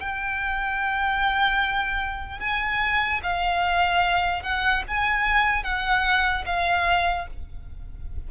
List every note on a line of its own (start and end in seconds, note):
0.00 2.40 G5
2.40 3.21 G#5
3.23 4.43 F5
4.43 4.83 F#5
4.88 5.64 G#5
5.64 6.45 F#5
6.46 7.27 F5